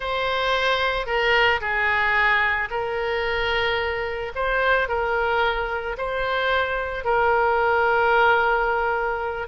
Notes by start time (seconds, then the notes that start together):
0.00 C5
1.06 A#4
1.60 G#4
2.70 A#4
4.35 C5
4.88 A#4
5.97 C5
7.04 A#4